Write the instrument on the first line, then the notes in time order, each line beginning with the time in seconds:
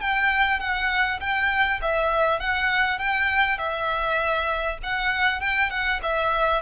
violin
0.00 G5
0.59 F#5
1.20 G5
1.81 E5
2.39 F#5
2.98 G5
3.58 E5
4.83 F#5
5.40 G5
5.70 F#5
6.02 E5